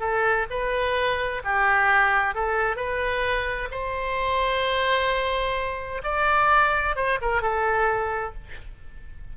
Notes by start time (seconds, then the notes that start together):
0.00 A4
0.50 B4
1.44 G4
2.35 A4
2.76 B4
3.71 C5
6.04 D5
6.96 C5
7.21 A#4
7.42 A4